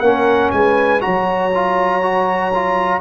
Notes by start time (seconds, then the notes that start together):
0.00 A#3 C#4 A#4 F#5
0.51 G#3 B4 G#5
1.01 F#3 F#4 C#5 A#5
1.55 F4
2.02 F#4
2.54 F4